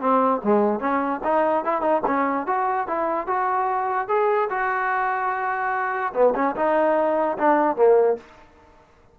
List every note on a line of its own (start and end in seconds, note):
0.00 0.41 C4
0.44 0.80 G#3
0.80 1.20 C#4
1.23 1.64 D#4
1.64 1.81 E4
1.81 2.02 D#4
2.06 2.47 C#4
2.47 2.87 F#4
2.87 3.27 E4
3.27 4.08 F#4
4.08 4.49 G#4
4.50 6.13 F#4
6.13 6.34 B3
6.35 6.55 C#4
6.55 7.37 D#4
7.38 7.76 D4
7.76 8.17 A#3